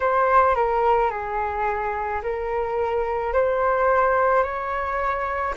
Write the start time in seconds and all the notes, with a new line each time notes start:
0.00 C5
0.55 A#4
1.10 G#4
2.22 A#4
3.33 C5
4.43 C#5